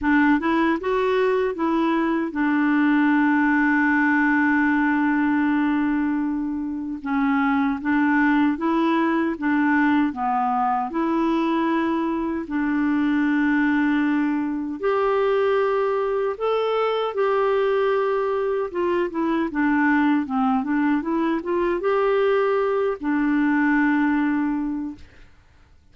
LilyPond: \new Staff \with { instrumentName = "clarinet" } { \time 4/4 \tempo 4 = 77 d'8 e'8 fis'4 e'4 d'4~ | d'1~ | d'4 cis'4 d'4 e'4 | d'4 b4 e'2 |
d'2. g'4~ | g'4 a'4 g'2 | f'8 e'8 d'4 c'8 d'8 e'8 f'8 | g'4. d'2~ d'8 | }